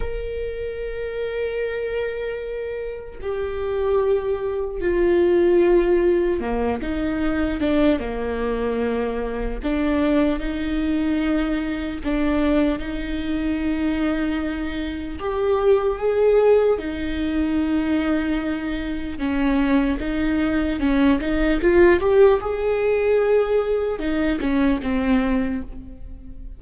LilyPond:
\new Staff \with { instrumentName = "viola" } { \time 4/4 \tempo 4 = 75 ais'1 | g'2 f'2 | ais8 dis'4 d'8 ais2 | d'4 dis'2 d'4 |
dis'2. g'4 | gis'4 dis'2. | cis'4 dis'4 cis'8 dis'8 f'8 g'8 | gis'2 dis'8 cis'8 c'4 | }